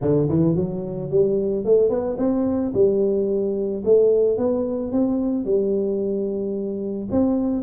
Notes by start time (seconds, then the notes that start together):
0.01 D3
0.28 E3
0.55 F#3
1.10 G3
1.64 A3
1.89 B3
2.18 C4
2.73 G3
3.84 A3
4.37 B3
4.92 C4
5.44 G3
7.11 C4